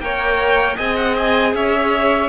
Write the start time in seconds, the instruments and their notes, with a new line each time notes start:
0.00 cello A#3, viola A#4, violin C#5 G5
0.77 cello C4, viola G#4, violin D#5 G#5
0.96 violin F#5
1.19 violin G#5
1.54 cello C#4, violin C#5 E5